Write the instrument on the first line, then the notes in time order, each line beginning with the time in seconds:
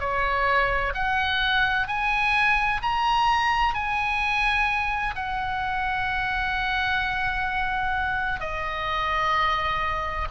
oboe
0.00 C#5
0.94 F#5
1.87 G#5
2.82 A#5
3.74 G#5
5.16 F#5
8.40 D#5